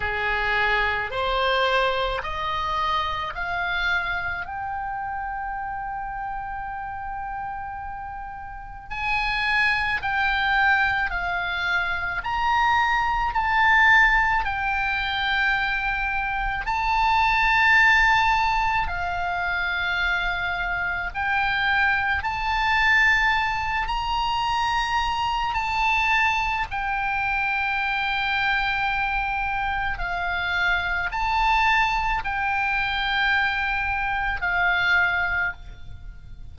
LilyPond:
\new Staff \with { instrumentName = "oboe" } { \time 4/4 \tempo 4 = 54 gis'4 c''4 dis''4 f''4 | g''1 | gis''4 g''4 f''4 ais''4 | a''4 g''2 a''4~ |
a''4 f''2 g''4 | a''4. ais''4. a''4 | g''2. f''4 | a''4 g''2 f''4 | }